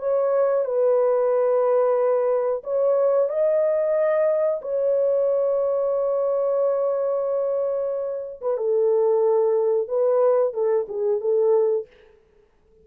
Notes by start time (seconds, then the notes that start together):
0.00 C#5
0.65 B4
2.64 C#5
3.30 D#5
4.62 C#5
8.42 B4
8.58 A4
9.89 B4
10.54 A4
10.89 G#4
11.21 A4